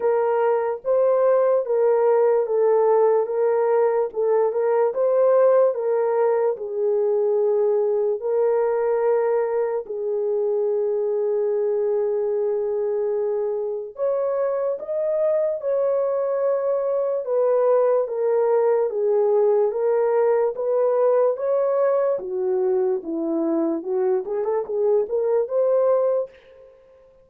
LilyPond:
\new Staff \with { instrumentName = "horn" } { \time 4/4 \tempo 4 = 73 ais'4 c''4 ais'4 a'4 | ais'4 a'8 ais'8 c''4 ais'4 | gis'2 ais'2 | gis'1~ |
gis'4 cis''4 dis''4 cis''4~ | cis''4 b'4 ais'4 gis'4 | ais'4 b'4 cis''4 fis'4 | e'4 fis'8 gis'16 a'16 gis'8 ais'8 c''4 | }